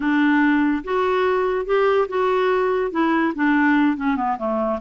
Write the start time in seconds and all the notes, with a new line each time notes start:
0.00 D4
0.84 F#4
1.65 G4
2.08 F#4
2.91 E4
3.35 D4
3.96 C#4
4.16 B3
4.37 A3